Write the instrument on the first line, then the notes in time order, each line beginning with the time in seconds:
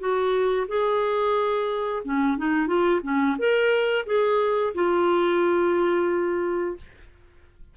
clarinet
0.00 F#4
0.68 G#4
2.04 C#4
2.38 D#4
2.68 F4
3.03 C#4
3.39 A#4
4.06 G#4
4.75 F4